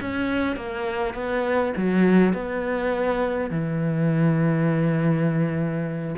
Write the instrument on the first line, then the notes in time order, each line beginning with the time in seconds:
cello
0.00 C#4
0.56 A#3
1.14 B3
1.76 F#3
2.33 B3
3.50 E3